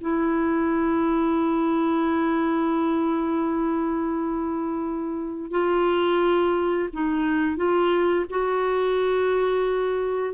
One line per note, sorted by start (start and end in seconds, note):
0.00 5.51 E4
5.51 6.89 F4
6.92 7.56 D#4
7.56 8.25 F4
8.29 10.34 F#4